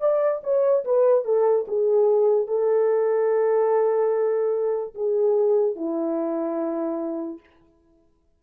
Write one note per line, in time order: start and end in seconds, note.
0.00 0.41 D5
0.43 0.84 C#5
0.84 1.24 B4
1.24 1.66 A4
1.67 2.47 G#4
2.47 4.94 A4
4.94 5.75 G#4
5.75 7.40 E4